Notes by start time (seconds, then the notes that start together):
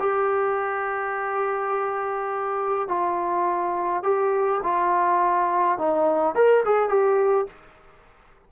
0.00 G4
2.88 F4
4.04 G4
4.63 F4
5.78 D#4
6.36 A#4
6.65 G#4
6.89 G4